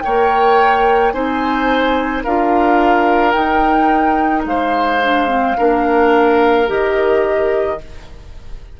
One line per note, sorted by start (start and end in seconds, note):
0.00 1.13 A#3
0.00 1.13 A#4
0.00 1.13 C#5
0.00 1.11 G5
1.11 2.24 C4
1.11 2.24 D#4
1.11 2.23 C5
1.11 2.22 G#5
2.23 3.34 D4
2.23 3.33 F4
2.23 4.45 A#4
2.23 3.31 F5
3.31 5.00 D#4
3.31 4.45 D#4
3.31 4.42 G5
4.45 5.56 G#3
4.45 5.57 C5
4.45 6.69 F5
5.03 5.27 D4
5.27 5.55 C4
5.57 6.69 A#3
5.57 6.66 D4
5.57 7.79 A#4
6.66 7.80 D#3
6.66 7.78 G4
6.66 7.80 D#5